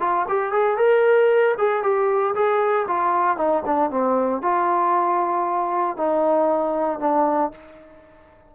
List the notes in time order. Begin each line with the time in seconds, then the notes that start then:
0.00 F4
0.28 G4
0.53 G#4
0.77 A#4
1.58 G#4
1.83 G4
2.35 G#4
2.88 F4
3.37 D#4
3.66 D4
3.91 C4
4.42 F4
5.97 D#4
7.00 D4